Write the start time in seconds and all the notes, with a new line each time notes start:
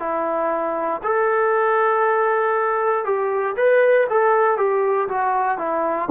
0.00 E4
1.03 A4
3.05 G4
3.56 B4
4.10 A4
4.58 G4
5.09 F#4
5.58 E4